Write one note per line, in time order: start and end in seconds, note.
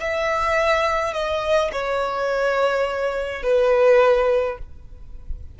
0.00 1.13 E5
1.13 1.71 D#5
1.72 3.42 C#5
3.42 4.58 B4